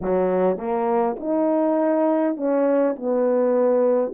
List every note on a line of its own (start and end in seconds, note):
0.01 0.57 F#3
0.57 1.16 A#3
1.19 2.36 D#4
2.36 2.95 C#4
2.96 4.13 B3